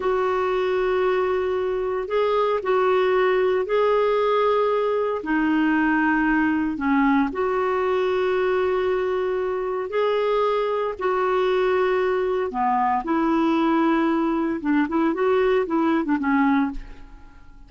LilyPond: \new Staff \with { instrumentName = "clarinet" } { \time 4/4 \tempo 4 = 115 fis'1 | gis'4 fis'2 gis'4~ | gis'2 dis'2~ | dis'4 cis'4 fis'2~ |
fis'2. gis'4~ | gis'4 fis'2. | b4 e'2. | d'8 e'8 fis'4 e'8. d'16 cis'4 | }